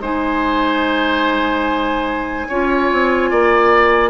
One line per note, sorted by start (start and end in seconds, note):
0.00 2.47 G#3
0.00 2.49 D#4
0.00 2.48 C5
0.00 4.10 G#5
2.49 2.91 C#4
2.49 4.10 F4
2.49 3.31 C#5
2.93 3.32 C4
3.31 4.10 A#3
3.31 4.10 D5